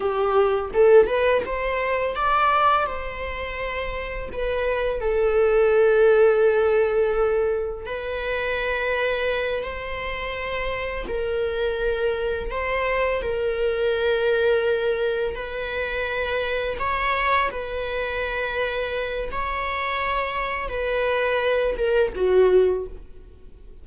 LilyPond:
\new Staff \with { instrumentName = "viola" } { \time 4/4 \tempo 4 = 84 g'4 a'8 b'8 c''4 d''4 | c''2 b'4 a'4~ | a'2. b'4~ | b'4. c''2 ais'8~ |
ais'4. c''4 ais'4.~ | ais'4. b'2 cis''8~ | cis''8 b'2~ b'8 cis''4~ | cis''4 b'4. ais'8 fis'4 | }